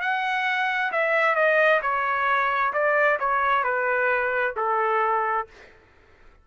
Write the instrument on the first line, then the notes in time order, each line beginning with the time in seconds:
trumpet
0.00 F#5
0.91 E5
1.35 D#5
1.81 C#5
2.73 D5
3.19 C#5
3.63 B4
4.56 A4